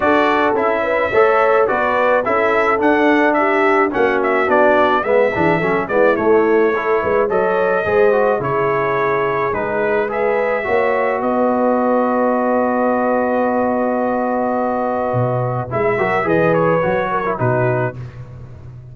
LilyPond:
<<
  \new Staff \with { instrumentName = "trumpet" } { \time 4/4 \tempo 4 = 107 d''4 e''2 d''4 | e''4 fis''4 e''4 fis''8 e''8 | d''4 e''4. d''8 cis''4~ | cis''4 dis''2 cis''4~ |
cis''4 b'4 e''2 | dis''1~ | dis''1 | e''4 dis''8 cis''4. b'4 | }
  \new Staff \with { instrumentName = "horn" } { \time 4/4 a'4. b'8 cis''4 b'4 | a'2 g'4 fis'4~ | fis'4 b'8 gis'8 a'8 e'4. | a'8 b'8 cis''4 c''4 gis'4~ |
gis'2 b'4 cis''4 | b'1~ | b'1~ | b'8 ais'8 b'4. ais'8 fis'4 | }
  \new Staff \with { instrumentName = "trombone" } { \time 4/4 fis'4 e'4 a'4 fis'4 | e'4 d'2 cis'4 | d'4 b8 d'8 cis'8 b8 a4 | e'4 a'4 gis'8 fis'8 e'4~ |
e'4 dis'4 gis'4 fis'4~ | fis'1~ | fis'1 | e'8 fis'8 gis'4 fis'8. e'16 dis'4 | }
  \new Staff \with { instrumentName = "tuba" } { \time 4/4 d'4 cis'4 a4 b4 | cis'4 d'2 ais4 | b4 gis8 e8 fis8 gis8 a4~ | a8 gis8 fis4 gis4 cis4~ |
cis4 gis2 ais4 | b1~ | b2. b,4 | gis8 fis8 e4 fis4 b,4 | }
>>